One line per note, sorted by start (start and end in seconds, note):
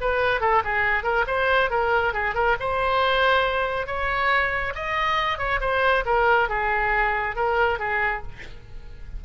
0.00 0.40 B4
0.40 0.62 A4
0.64 1.03 G#4
1.03 1.25 A#4
1.26 1.70 C5
1.70 2.13 A#4
2.13 2.34 G#4
2.34 2.56 A#4
2.59 3.86 C5
3.86 4.73 C#5
4.75 5.38 D#5
5.38 5.59 C#5
5.60 6.04 C5
6.05 6.48 A#4
6.49 7.36 G#4
7.36 7.78 A#4
7.78 8.22 G#4